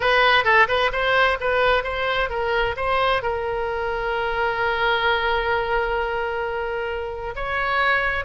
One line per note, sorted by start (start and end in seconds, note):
0.00 0.44 B4
0.44 0.67 A4
0.67 0.90 B4
0.92 1.38 C5
1.40 1.83 B4
1.83 2.29 C5
2.29 2.75 A#4
2.76 3.22 C5
3.22 7.34 A#4
7.35 8.24 C#5